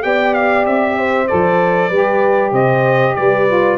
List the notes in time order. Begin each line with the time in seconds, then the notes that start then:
0.00 B3 G4 D5 G5
0.34 F5
0.66 C4 E5
0.98 C5
1.28 F3 A4 D5
1.89 G3 G4 B4
2.52 C3 C5 D#5
3.15 G3 B4 D5
3.48 F4